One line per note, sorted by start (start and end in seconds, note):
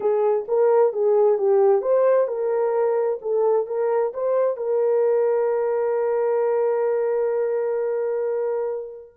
0.00 0.46 G#4
0.48 0.93 A#4
0.93 1.38 G#4
1.38 1.81 G4
1.81 2.27 C5
2.27 3.19 A#4
3.21 3.66 A4
3.66 4.12 A#4
4.13 4.56 C5
4.56 9.14 A#4